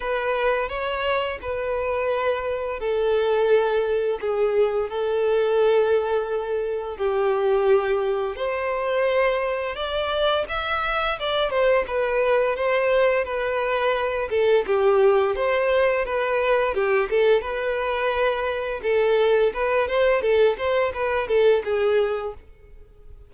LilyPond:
\new Staff \with { instrumentName = "violin" } { \time 4/4 \tempo 4 = 86 b'4 cis''4 b'2 | a'2 gis'4 a'4~ | a'2 g'2 | c''2 d''4 e''4 |
d''8 c''8 b'4 c''4 b'4~ | b'8 a'8 g'4 c''4 b'4 | g'8 a'8 b'2 a'4 | b'8 c''8 a'8 c''8 b'8 a'8 gis'4 | }